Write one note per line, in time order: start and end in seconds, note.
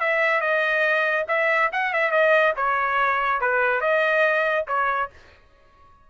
0.00 0.41 E5
0.41 1.25 D#5
1.28 1.70 E5
1.72 1.93 F#5
1.93 2.11 E5
2.11 2.53 D#5
2.56 3.41 C#5
3.41 3.81 B4
3.81 4.65 D#5
4.68 5.10 C#5